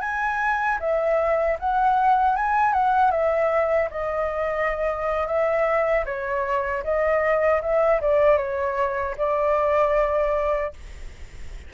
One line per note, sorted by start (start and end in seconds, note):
0.00 0.78 G#5
0.80 1.58 E5
1.59 2.36 F#5
2.36 2.73 G#5
2.73 3.11 F#5
3.11 3.89 E5
3.91 5.27 D#5
5.27 6.05 E5
6.05 6.83 C#5
6.84 7.62 D#5
7.62 8.00 E5
8.01 8.37 D5
8.37 9.15 C#5
9.17 10.73 D5